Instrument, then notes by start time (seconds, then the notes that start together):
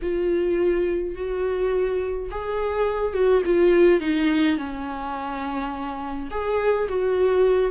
viola
0.02 F4
1.15 F#4
2.30 G#4
3.13 F#4
3.45 F4
4.00 D#4
4.57 C#4
6.30 G#4
6.88 F#4